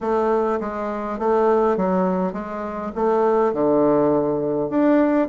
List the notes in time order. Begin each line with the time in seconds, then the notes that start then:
0.00 A3
0.60 G#3
1.18 A3
1.76 F#3
2.33 G#3
2.95 A3
3.53 D3
4.69 D4